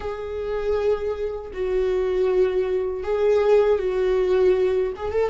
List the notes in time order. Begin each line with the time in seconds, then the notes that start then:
0.00 G#4
1.53 F#4
3.03 G#4
3.78 F#4
4.96 G#4
5.11 A4